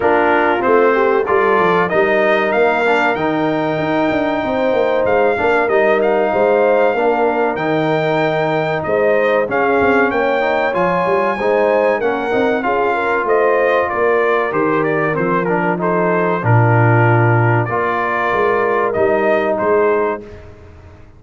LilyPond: <<
  \new Staff \with { instrumentName = "trumpet" } { \time 4/4 \tempo 4 = 95 ais'4 c''4 d''4 dis''4 | f''4 g''2. | f''4 dis''8 f''2~ f''8 | g''2 dis''4 f''4 |
g''4 gis''2 fis''4 | f''4 dis''4 d''4 c''8 d''8 | c''8 ais'8 c''4 ais'2 | d''2 dis''4 c''4 | }
  \new Staff \with { instrumentName = "horn" } { \time 4/4 f'4. g'8 a'4 ais'4~ | ais'2. c''4~ | c''8 ais'4. c''4 ais'4~ | ais'2 c''4 gis'4 |
cis''2 c''4 ais'4 | gis'8 ais'8 c''4 ais'2~ | ais'4 a'4 f'2 | ais'2. gis'4 | }
  \new Staff \with { instrumentName = "trombone" } { \time 4/4 d'4 c'4 f'4 dis'4~ | dis'8 d'8 dis'2.~ | dis'8 d'8 dis'2 d'4 | dis'2. cis'4~ |
cis'8 dis'8 f'4 dis'4 cis'8 dis'8 | f'2. g'4 | c'8 d'8 dis'4 d'2 | f'2 dis'2 | }
  \new Staff \with { instrumentName = "tuba" } { \time 4/4 ais4 a4 g8 f8 g4 | ais4 dis4 dis'8 d'8 c'8 ais8 | gis8 ais8 g4 gis4 ais4 | dis2 gis4 cis'8 c'8 |
ais4 f8 g8 gis4 ais8 c'8 | cis'4 a4 ais4 dis4 | f2 ais,2 | ais4 gis4 g4 gis4 | }
>>